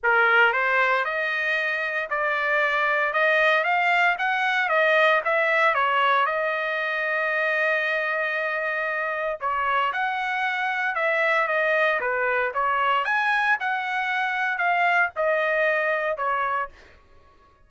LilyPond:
\new Staff \with { instrumentName = "trumpet" } { \time 4/4 \tempo 4 = 115 ais'4 c''4 dis''2 | d''2 dis''4 f''4 | fis''4 dis''4 e''4 cis''4 | dis''1~ |
dis''2 cis''4 fis''4~ | fis''4 e''4 dis''4 b'4 | cis''4 gis''4 fis''2 | f''4 dis''2 cis''4 | }